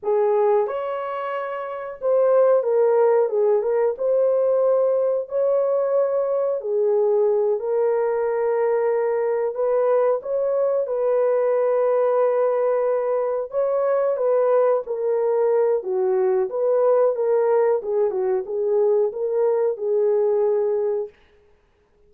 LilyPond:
\new Staff \with { instrumentName = "horn" } { \time 4/4 \tempo 4 = 91 gis'4 cis''2 c''4 | ais'4 gis'8 ais'8 c''2 | cis''2 gis'4. ais'8~ | ais'2~ ais'8 b'4 cis''8~ |
cis''8 b'2.~ b'8~ | b'8 cis''4 b'4 ais'4. | fis'4 b'4 ais'4 gis'8 fis'8 | gis'4 ais'4 gis'2 | }